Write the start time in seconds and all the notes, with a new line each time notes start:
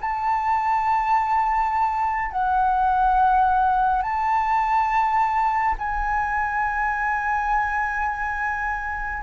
0.00 A5
2.31 F#5
4.02 A5
5.78 G#5